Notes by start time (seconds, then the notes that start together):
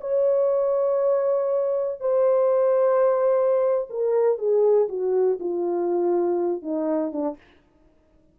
0.00 C#5
2.00 C5
3.90 A#4
4.38 G#4
4.88 F#4
5.40 F4
6.62 D#4
7.12 D4